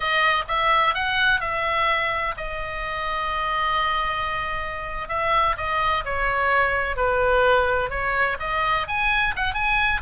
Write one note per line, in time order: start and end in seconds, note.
0.00 0.44 D#5
0.48 0.94 E5
0.94 1.40 F#5
1.40 2.35 E5
2.37 5.08 D#5
5.08 5.55 E5
5.57 6.04 D#5
6.05 6.96 C#5
6.96 7.90 B4
7.90 8.37 C#5
8.39 8.87 D#5
8.87 9.34 G#5
9.36 9.54 F#5
9.54 10.01 G#5